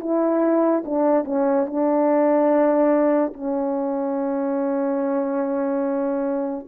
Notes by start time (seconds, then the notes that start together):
0.00 E4
0.85 D4
1.25 C#4
1.66 D4
3.33 C#4